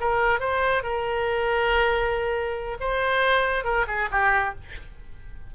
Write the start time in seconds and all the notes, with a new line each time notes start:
0.00 A#4
0.40 C5
0.83 A#4
2.80 C5
3.64 A#4
3.87 G#4
4.11 G4